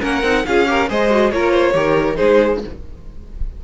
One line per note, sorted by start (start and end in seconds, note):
0.00 0.23 A#3
0.00 0.22 C#4
0.00 0.43 A#4
0.00 0.45 F#5
0.23 0.44 C4
0.23 0.45 D#4
0.45 0.90 C#4
0.45 0.66 F4
0.45 0.68 G#4
0.45 0.88 F5
0.66 0.87 G4
0.66 0.89 A#4
0.89 1.32 G#3
0.89 1.10 G#4
0.89 1.32 C5
0.89 1.31 D#5
1.10 1.32 F#4
1.31 1.74 A#3
1.31 1.73 F4
1.31 1.51 A#4
1.31 2.16 C#5
1.51 1.73 C5
1.73 2.17 D#3
1.73 2.15 G4
1.73 2.17 A#4
2.15 2.64 G#3
2.15 2.58 D#4
2.15 2.60 G#4
2.15 2.59 C5